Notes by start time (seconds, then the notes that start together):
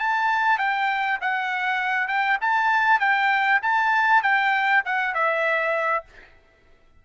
0.00 A5
0.59 G5
1.21 F#5
2.08 G5
2.42 A5
3.00 G5
3.63 A5
4.23 G5
4.85 F#5
5.15 E5